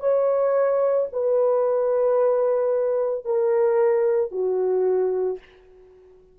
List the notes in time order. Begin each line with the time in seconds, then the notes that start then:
0.00 C#5
1.12 B4
3.25 A#4
4.31 F#4